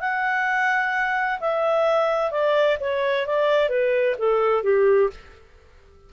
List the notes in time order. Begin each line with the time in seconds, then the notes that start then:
0.00 F#5
1.40 E5
2.31 D5
2.80 C#5
3.26 D5
3.69 B4
4.18 A4
4.63 G4